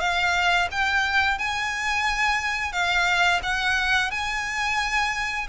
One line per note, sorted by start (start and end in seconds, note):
0.00 0.68 F5
0.71 1.38 G5
1.38 2.72 G#5
2.72 3.41 F5
3.43 4.11 F#5
4.11 5.47 G#5